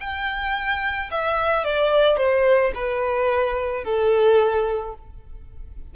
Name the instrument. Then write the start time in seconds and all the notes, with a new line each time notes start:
violin
0.00 G5
1.11 E5
1.64 D5
2.17 C5
2.74 B4
3.84 A4